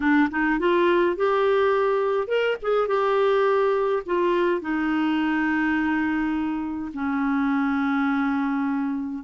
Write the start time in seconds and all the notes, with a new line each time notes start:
0.00 D4
0.30 D#4
0.59 F4
1.16 G4
2.27 A#4
2.62 G#4
2.87 G4
4.06 F4
4.61 D#4
6.93 C#4